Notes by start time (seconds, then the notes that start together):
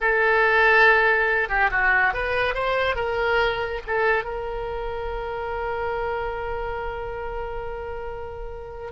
0.00 A4
1.49 G4
1.71 F#4
2.13 B4
2.54 C5
2.95 A#4
3.86 A4
4.24 A#4